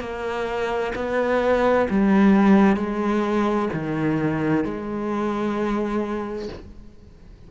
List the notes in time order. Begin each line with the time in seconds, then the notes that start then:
0.00 A#3
0.95 B3
1.90 G3
2.77 G#3
3.73 D#3
4.64 G#3